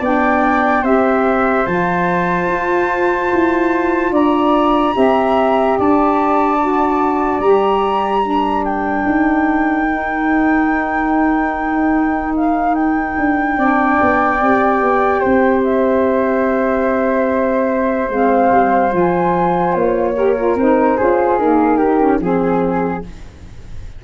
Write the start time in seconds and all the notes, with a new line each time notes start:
0.00 B3 D4 D5 G5
0.82 C4 G4 C5 E5
1.66 F3 F4 A5
2.48 F4
3.33 E4
4.11 D4 D5 A#5
4.92 C4 G4 E5
5.78 D4 D5 A5
6.60 F#4
7.40 G3 G4 A#5
8.22 D4 A#4
8.64 G5
9.06 D#4
9.90 D#4
12.36 F5
12.74 G5
13.17 D4
13.57 C4 D4 D5
14.01 B3
14.40 C4 G4
14.81 B3
15.20 C4 C5
15.64 E5
18.09 G#3 C4 F5
18.51 G3
18.90 F3 F4 G#5
19.74 A#3 C#5
20.15 G4 A#4
20.37 F4
20.55 C4 D#4 C5
20.97 C#4 F4 G#4
21.38 A#3 D#4 A#4
21.77 D#4 G4
22.00 C#4
22.20 F3 C4 G#4